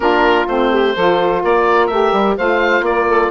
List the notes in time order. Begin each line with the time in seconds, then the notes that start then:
0.00 A#3 D4 F4 A#4
0.47 A3 C4 C5
0.71 G4
0.94 F3 F4 A4
1.42 A#3 A#4 D5
1.86 A3 G4 E5
2.12 G3
2.36 A3 F4 C5 F5
2.81 A#3 A#4 D5
3.07 A4